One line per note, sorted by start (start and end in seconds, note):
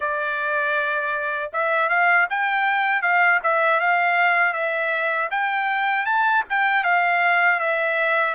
0.00 1.51 D5
1.53 1.89 E5
1.89 2.27 F5
2.30 3.02 G5
3.02 3.40 F5
3.43 3.80 E5
3.80 4.53 F5
4.53 5.29 E5
5.30 6.05 G5
6.05 6.43 A5
6.49 6.84 G5
6.84 7.59 F5
7.59 8.34 E5